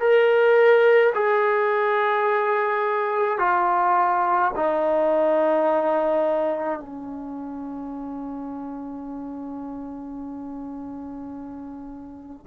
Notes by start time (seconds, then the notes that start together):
0.00 A#4
1.14 G#4
3.38 F4
4.55 D#4
6.79 C#4